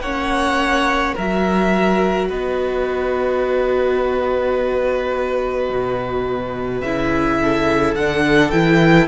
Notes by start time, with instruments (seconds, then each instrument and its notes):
0.00 cello A#3, viola C#4, violin C#5 F#5
1.15 cello F#3, viola F#4, violin A#4 E5
2.28 cello B3, violin B4 D#5
5.70 cello B2
6.81 cello C#3, viola E4, violin E5
7.41 violin A4
7.95 cello D3, viola D4, violin F#5
8.50 cello E3, viola E4, violin G5